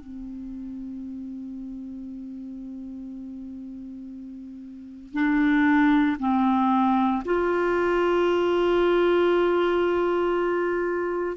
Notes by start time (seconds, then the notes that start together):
0.00 C4
5.13 D4
6.19 C4
7.25 F4